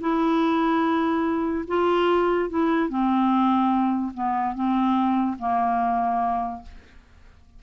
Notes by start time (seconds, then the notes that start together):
0.00 E4
1.67 F4
2.49 E4
2.89 C4
4.14 B3
4.55 C4
5.39 A#3